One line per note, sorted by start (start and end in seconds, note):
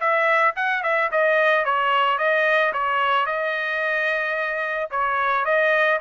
0.00 0.55 E5
0.56 0.83 F#5
0.83 1.10 E5
1.11 1.65 D#5
1.65 2.18 C#5
2.18 2.72 D#5
2.73 3.26 C#5
3.26 4.90 D#5
4.90 5.45 C#5
5.45 5.99 D#5